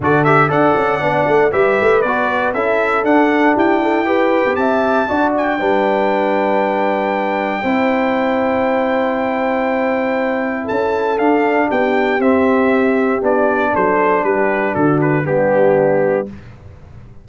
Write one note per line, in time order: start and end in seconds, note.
0.00 0.49 D3
0.00 0.25 F#4
0.00 0.51 A4
0.00 0.24 D5
0.24 0.48 G4
0.24 0.49 E5
0.48 0.74 D4
0.48 0.99 A4
0.48 1.52 D5
0.48 1.52 F#5
0.76 1.00 C#4
1.00 1.26 B3
1.00 1.51 D4
1.27 1.52 A3
1.51 1.78 G3
1.51 2.02 G4
1.51 2.53 B4
1.51 2.01 E5
1.81 2.03 A3
2.01 2.54 B3
2.01 2.54 F#4
2.01 2.52 D5
2.53 3.03 C#4
2.53 3.04 E4
2.53 3.54 A4
2.53 3.04 E5
3.03 3.54 D4
3.03 4.05 D4
3.03 3.55 F#5
3.54 4.45 E4
3.54 3.80 G4
3.54 4.55 G5
3.82 4.06 A4
4.05 5.07 G4
4.05 4.57 B4
4.45 4.56 B3
4.55 5.07 C4
4.55 5.09 E5
4.55 5.31 A5
5.08 5.60 D4
5.08 5.59 F#4
5.08 5.59 D5
5.36 10.67 G5
5.59 7.63 G3
5.59 7.63 D4
5.59 7.61 B4
7.61 10.68 C4
7.61 11.19 E4
7.61 10.64 C5
10.64 11.18 C#4
10.64 11.66 A4
10.64 11.18 A5
11.18 11.69 D4
11.18 12.20 D4
11.18 11.69 F5
11.68 12.19 B3
11.68 13.71 G4
11.68 12.21 G5
12.19 13.21 C4
12.19 13.20 C4
12.19 13.22 E5
13.20 13.73 B3
13.20 15.24 D4
13.20 13.75 D5
13.73 14.23 F#3
13.73 14.23 A4
13.73 14.24 C5
14.23 14.74 G3
14.23 14.73 G4
14.23 14.74 B4
14.73 15.26 D3
14.73 15.24 F#4
14.73 14.99 A4
15.01 15.26 B4
15.24 16.27 G3
15.24 16.25 B3
15.24 16.28 D4
15.24 16.27 G4